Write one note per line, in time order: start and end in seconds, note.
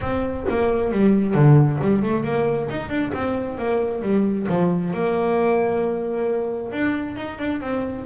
0.01 0.45 C4
0.49 0.91 A#3
0.91 1.34 G3
1.34 1.79 D3
1.81 2.02 G3
2.02 2.23 A3
2.23 2.68 A#3
2.69 2.89 D#4
2.89 3.11 D4
3.13 3.57 C4
3.57 4.02 A#3
4.02 4.46 G3
4.48 4.93 F3
4.93 6.71 A#3
6.71 7.16 D4
7.16 7.38 D#4
7.38 7.60 D4
7.60 8.05 C4